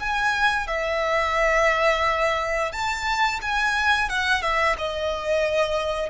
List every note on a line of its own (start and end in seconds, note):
0.00 0.68 G#5
0.68 2.72 E5
2.72 3.41 A5
3.42 4.10 G#5
4.10 4.42 F#5
4.42 4.76 E5
4.79 6.11 D#5